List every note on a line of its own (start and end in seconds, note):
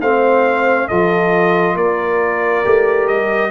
0.00 0.88 A3
0.00 0.90 C4
0.00 0.87 C5
0.00 0.88 F5
0.87 1.75 F3
0.87 2.64 F4
0.87 1.75 A4
0.87 1.76 D#5
1.75 2.63 A#3
1.75 3.51 A#4
1.75 3.07 D5
2.64 3.09 A3
2.64 3.51 G4
3.07 3.51 G3
3.07 3.51 D#5